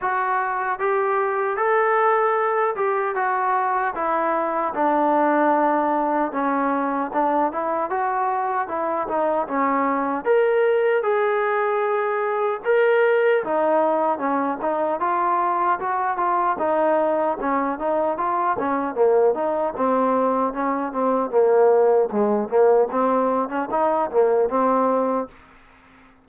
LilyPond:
\new Staff \with { instrumentName = "trombone" } { \time 4/4 \tempo 4 = 76 fis'4 g'4 a'4. g'8 | fis'4 e'4 d'2 | cis'4 d'8 e'8 fis'4 e'8 dis'8 | cis'4 ais'4 gis'2 |
ais'4 dis'4 cis'8 dis'8 f'4 | fis'8 f'8 dis'4 cis'8 dis'8 f'8 cis'8 | ais8 dis'8 c'4 cis'8 c'8 ais4 | gis8 ais8 c'8. cis'16 dis'8 ais8 c'4 | }